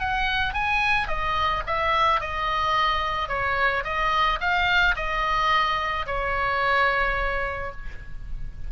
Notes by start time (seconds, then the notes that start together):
0.00 F#5
0.54 G#5
1.08 D#5
1.67 E5
2.21 D#5
3.29 C#5
3.85 D#5
4.41 F5
4.97 D#5
6.07 C#5